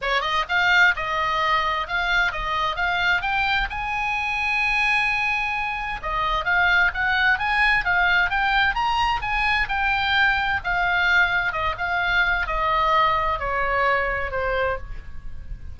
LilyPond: \new Staff \with { instrumentName = "oboe" } { \time 4/4 \tempo 4 = 130 cis''8 dis''8 f''4 dis''2 | f''4 dis''4 f''4 g''4 | gis''1~ | gis''4 dis''4 f''4 fis''4 |
gis''4 f''4 g''4 ais''4 | gis''4 g''2 f''4~ | f''4 dis''8 f''4. dis''4~ | dis''4 cis''2 c''4 | }